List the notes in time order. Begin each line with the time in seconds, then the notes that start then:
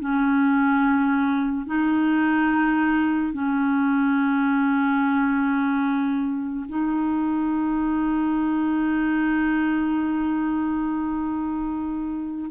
0.00 C#4
1.66 D#4
3.33 C#4
6.69 D#4